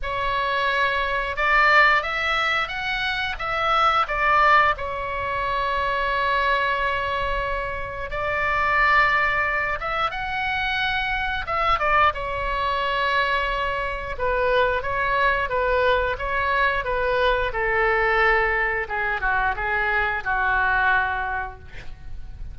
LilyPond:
\new Staff \with { instrumentName = "oboe" } { \time 4/4 \tempo 4 = 89 cis''2 d''4 e''4 | fis''4 e''4 d''4 cis''4~ | cis''1 | d''2~ d''8 e''8 fis''4~ |
fis''4 e''8 d''8 cis''2~ | cis''4 b'4 cis''4 b'4 | cis''4 b'4 a'2 | gis'8 fis'8 gis'4 fis'2 | }